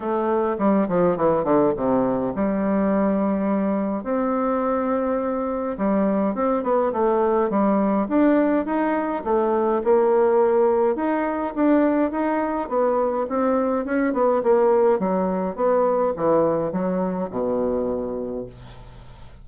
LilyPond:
\new Staff \with { instrumentName = "bassoon" } { \time 4/4 \tempo 4 = 104 a4 g8 f8 e8 d8 c4 | g2. c'4~ | c'2 g4 c'8 b8 | a4 g4 d'4 dis'4 |
a4 ais2 dis'4 | d'4 dis'4 b4 c'4 | cis'8 b8 ais4 fis4 b4 | e4 fis4 b,2 | }